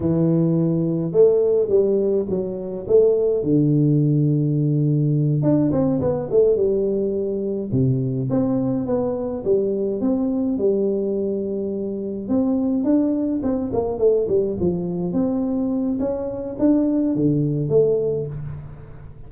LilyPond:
\new Staff \with { instrumentName = "tuba" } { \time 4/4 \tempo 4 = 105 e2 a4 g4 | fis4 a4 d2~ | d4. d'8 c'8 b8 a8 g8~ | g4. c4 c'4 b8~ |
b8 g4 c'4 g4.~ | g4. c'4 d'4 c'8 | ais8 a8 g8 f4 c'4. | cis'4 d'4 d4 a4 | }